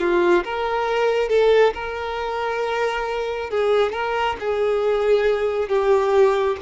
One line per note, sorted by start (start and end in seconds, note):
0.00 0.44 F4
0.45 1.30 A#4
1.30 1.74 A4
1.74 3.51 A#4
3.51 3.93 G#4
3.93 4.37 A#4
4.40 5.69 G#4
5.69 6.57 G4